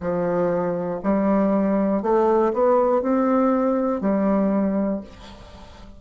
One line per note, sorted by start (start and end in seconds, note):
0.00 1.00 F3
1.03 2.02 G3
2.02 2.52 A3
2.53 3.02 B3
3.02 4.01 C4
4.01 5.01 G3